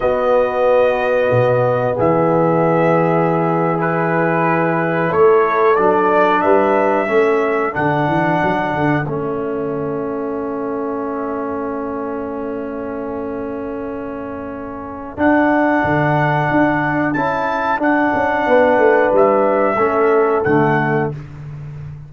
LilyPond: <<
  \new Staff \with { instrumentName = "trumpet" } { \time 4/4 \tempo 4 = 91 dis''2. e''4~ | e''4.~ e''16 b'2 cis''16~ | cis''8. d''4 e''2 fis''16~ | fis''4.~ fis''16 e''2~ e''16~ |
e''1~ | e''2. fis''4~ | fis''2 a''4 fis''4~ | fis''4 e''2 fis''4 | }
  \new Staff \with { instrumentName = "horn" } { \time 4/4 fis'2. gis'4~ | gis'2.~ gis'8. a'16~ | a'4.~ a'16 b'4 a'4~ a'16~ | a'1~ |
a'1~ | a'1~ | a'1 | b'2 a'2 | }
  \new Staff \with { instrumentName = "trombone" } { \time 4/4 b1~ | b4.~ b16 e'2~ e'16~ | e'8. d'2 cis'4 d'16~ | d'4.~ d'16 cis'2~ cis'16~ |
cis'1~ | cis'2. d'4~ | d'2 e'4 d'4~ | d'2 cis'4 a4 | }
  \new Staff \with { instrumentName = "tuba" } { \time 4/4 b2 b,4 e4~ | e2.~ e8. a16~ | a8. fis4 g4 a4 d16~ | d16 e8 fis8 d8 a2~ a16~ |
a1~ | a2. d'4 | d4 d'4 cis'4 d'8 cis'8 | b8 a8 g4 a4 d4 | }
>>